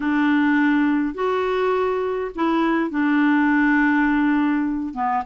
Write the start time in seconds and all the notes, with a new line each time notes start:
0.00 D4
1.14 F#4
2.35 E4
2.90 D4
4.94 B3